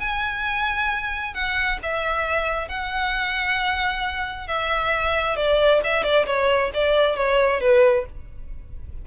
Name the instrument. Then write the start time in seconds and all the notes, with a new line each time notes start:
violin
0.00 G#5
1.34 F#5
1.82 E5
2.68 F#5
4.47 E5
5.36 D5
5.84 E5
6.03 D5
6.26 C#5
6.74 D5
7.16 C#5
7.60 B4